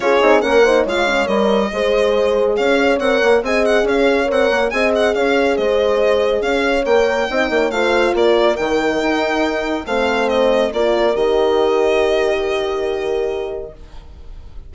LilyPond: <<
  \new Staff \with { instrumentName = "violin" } { \time 4/4 \tempo 4 = 140 cis''4 fis''4 f''4 dis''4~ | dis''2 f''4 fis''4 | gis''8 fis''8 f''4 fis''4 gis''8 fis''8 | f''4 dis''2 f''4 |
g''2 f''4 d''4 | g''2. f''4 | dis''4 d''4 dis''2~ | dis''1 | }
  \new Staff \with { instrumentName = "horn" } { \time 4/4 gis'4 ais'8 c''8 cis''2 | c''2 cis''2 | dis''4 cis''2 dis''4 | cis''4 c''2 cis''4~ |
cis''4 dis''8 cis''8 c''4 ais'4~ | ais'2. c''4~ | c''4 ais'2.~ | ais'1 | }
  \new Staff \with { instrumentName = "horn" } { \time 4/4 f'8 dis'8 cis'8 dis'8 f'8 cis'8 ais'4 | gis'2. ais'4 | gis'2 ais'4 gis'4~ | gis'1 |
ais'4 dis'4 f'2 | dis'2. c'4~ | c'4 f'4 g'2~ | g'1 | }
  \new Staff \with { instrumentName = "bassoon" } { \time 4/4 cis'8 c'8 ais4 gis4 g4 | gis2 cis'4 c'8 ais8 | c'4 cis'4 c'8 ais8 c'4 | cis'4 gis2 cis'4 |
ais4 c'8 ais8 a4 ais4 | dis4 dis'2 a4~ | a4 ais4 dis2~ | dis1 | }
>>